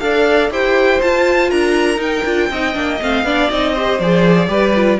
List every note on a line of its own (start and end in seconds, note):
0.00 0.51 D4
0.00 0.51 A4
0.00 0.52 D5
0.00 0.50 F5
0.51 1.01 E4
0.51 1.01 G4
0.51 1.50 C5
0.51 1.01 G5
1.01 1.98 F4
1.01 1.52 F4
1.01 1.51 A5
1.50 1.98 D4
1.50 2.50 A#4
1.50 2.01 A#5
1.98 2.23 D#4
1.98 3.02 G5
2.25 2.50 D4
2.25 2.51 F4
2.51 2.76 C4
2.51 2.74 D#4
2.51 3.27 D#5
2.74 3.01 A#3
2.74 2.99 D4
3.02 3.24 A3
3.02 3.26 C4
3.02 3.51 F5
3.24 3.49 B3
3.24 3.51 D4
3.24 3.73 D5
3.51 4.00 C4
3.51 3.76 D#4
3.51 4.00 D#5
3.73 4.01 G4
3.73 4.48 C5
4.00 4.48 F3
4.00 4.48 G#4
4.00 5.00 D5
4.48 4.98 G3
4.48 4.73 G4
4.48 5.00 B4
4.75 5.00 F4